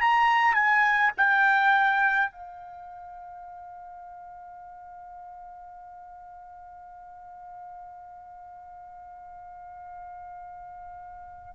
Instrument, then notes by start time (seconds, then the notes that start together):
trumpet
0.00 A#5
0.53 G#5
1.17 G5
2.31 F5